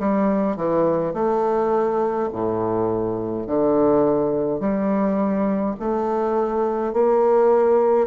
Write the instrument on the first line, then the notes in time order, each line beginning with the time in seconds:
bassoon
0.00 G3
0.57 E3
1.14 A3
2.33 A2
3.47 D3
4.60 G3
5.80 A3
6.93 A#3